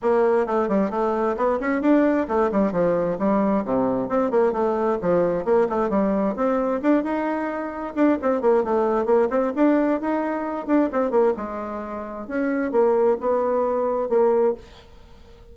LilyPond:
\new Staff \with { instrumentName = "bassoon" } { \time 4/4 \tempo 4 = 132 ais4 a8 g8 a4 b8 cis'8 | d'4 a8 g8 f4 g4 | c4 c'8 ais8 a4 f4 | ais8 a8 g4 c'4 d'8 dis'8~ |
dis'4. d'8 c'8 ais8 a4 | ais8 c'8 d'4 dis'4. d'8 | c'8 ais8 gis2 cis'4 | ais4 b2 ais4 | }